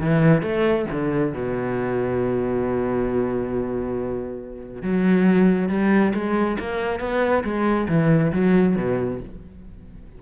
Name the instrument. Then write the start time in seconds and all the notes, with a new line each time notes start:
cello
0.00 E3
0.42 A3
0.91 D3
1.33 B2
4.82 F#3
5.69 G3
6.14 G#3
6.59 A#3
7.00 B3
7.44 G#3
7.88 E3
8.32 F#3
8.76 B2